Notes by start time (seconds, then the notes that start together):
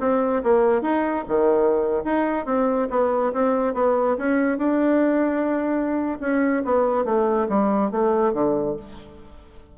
0.00 C4
0.43 A#3
0.82 D#4
1.28 D#3
2.04 D#4
2.46 C4
2.90 B3
3.33 C4
3.74 B3
4.18 C#4
4.58 D4
6.20 C#4
6.65 B3
7.05 A3
7.49 G3
7.91 A3
8.34 D3